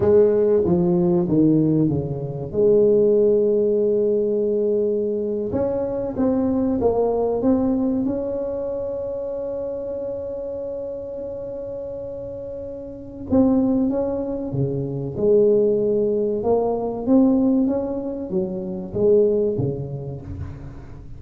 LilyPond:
\new Staff \with { instrumentName = "tuba" } { \time 4/4 \tempo 4 = 95 gis4 f4 dis4 cis4 | gis1~ | gis8. cis'4 c'4 ais4 c'16~ | c'8. cis'2.~ cis'16~ |
cis'1~ | cis'4 c'4 cis'4 cis4 | gis2 ais4 c'4 | cis'4 fis4 gis4 cis4 | }